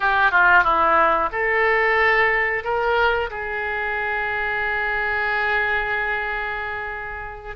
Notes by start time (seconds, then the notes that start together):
0.00 G4
0.31 F4
0.63 E4
1.32 A4
2.64 A#4
3.30 G#4